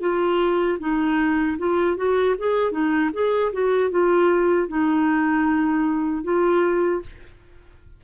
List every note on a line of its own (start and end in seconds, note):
0.00 0.78 F4
0.79 1.57 D#4
1.58 1.96 F4
1.96 2.35 F#4
2.38 2.71 G#4
2.71 3.10 D#4
3.13 3.52 G#4
3.52 3.90 F#4
3.90 4.68 F4
4.68 6.23 D#4
6.23 7.01 F4